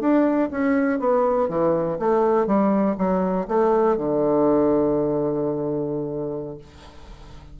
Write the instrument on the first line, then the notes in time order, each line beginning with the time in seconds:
bassoon
0.00 D4
0.51 C#4
1.00 B3
1.49 E3
1.99 A3
2.47 G3
2.98 F#3
3.48 A3
3.97 D3